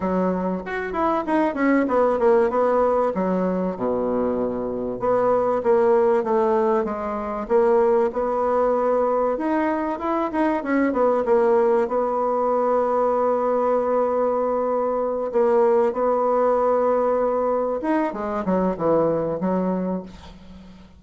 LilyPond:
\new Staff \with { instrumentName = "bassoon" } { \time 4/4 \tempo 4 = 96 fis4 fis'8 e'8 dis'8 cis'8 b8 ais8 | b4 fis4 b,2 | b4 ais4 a4 gis4 | ais4 b2 dis'4 |
e'8 dis'8 cis'8 b8 ais4 b4~ | b1~ | b8 ais4 b2~ b8~ | b8 dis'8 gis8 fis8 e4 fis4 | }